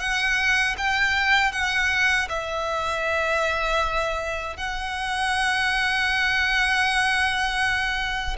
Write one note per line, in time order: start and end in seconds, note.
0.00 0.76 F#5
0.78 1.52 G5
1.52 2.28 F#5
2.29 4.57 E5
4.57 8.37 F#5